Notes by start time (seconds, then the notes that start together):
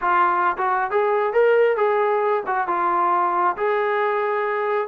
0.01 F4
0.57 F#4
0.91 G#4
1.33 A#4
1.76 G#4
2.46 F#4
2.67 F4
3.56 G#4